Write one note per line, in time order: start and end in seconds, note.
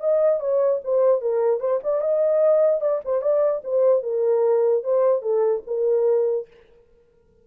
0.00 0.40 D#5
0.40 0.80 C#5
0.84 1.21 C5
1.21 1.60 A#4
1.60 1.80 C5
1.84 2.01 D5
2.01 2.81 D#5
2.81 3.01 D5
3.05 3.22 C5
3.22 3.62 D5
3.64 4.03 C5
4.03 4.83 A#4
4.83 5.22 C5
5.22 5.62 A4
5.67 6.47 A#4